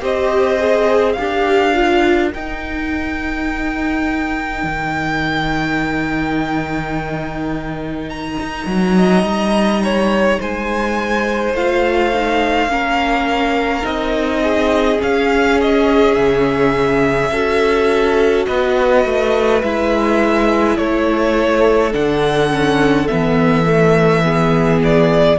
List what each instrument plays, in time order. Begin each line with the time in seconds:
0.00 cello C4, viola G4, violin C5 D#5
0.58 viola G#4
1.12 cello D4, viola G4, violin A#4 F5
1.73 viola F4
2.33 cello D#4, viola D#4, violin G5
4.63 cello D#3
8.09 violin A#5
8.40 cello D#4
8.66 cello F#3
8.96 violin D#5
9.23 cello G3
9.84 violin C#5
10.39 cello G#3, violin C5 G#5
11.53 cello A3, viola F4, violin F5
12.13 viola D#4
12.67 cello A#3, viola C#4, violin A#4
13.82 cello C4, viola D#4, violin D#5
14.42 violin G#4
14.99 viola C#4, cello C#4, violin F5
15.61 violin D#5
16.14 cello C#3, violin E5
17.30 cello C#4, viola F#4, violin A4
18.46 cello B3, violin B4 D#5
19.04 cello A3
19.62 cello G#3, viola E4, violin E5
20.77 cello A3, violin A4 C#5
21.92 cello D3, viola D4, violin F#5
22.50 viola C#4
23.07 cello E3, viola B3, violin E5
23.65 viola A3
24.23 viola B3, violin G#4
24.83 violin D5